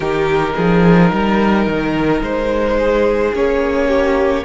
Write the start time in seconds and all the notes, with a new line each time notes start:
0.00 D#3 D#4 G4 A#4
0.55 F3 G#4
1.11 G3 A#4
1.66 D#3
2.21 G#3 C5
2.78 G#4
3.33 A#3 C#4 C#5
3.88 G4